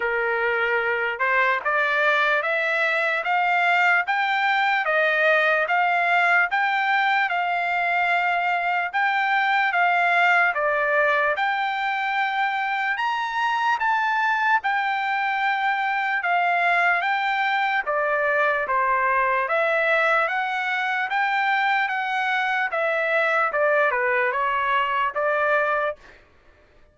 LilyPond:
\new Staff \with { instrumentName = "trumpet" } { \time 4/4 \tempo 4 = 74 ais'4. c''8 d''4 e''4 | f''4 g''4 dis''4 f''4 | g''4 f''2 g''4 | f''4 d''4 g''2 |
ais''4 a''4 g''2 | f''4 g''4 d''4 c''4 | e''4 fis''4 g''4 fis''4 | e''4 d''8 b'8 cis''4 d''4 | }